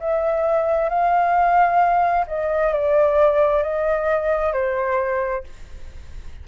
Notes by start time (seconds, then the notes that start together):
0.00 E5
0.89 F5
2.28 D#5
2.73 D5
3.63 D#5
4.53 C5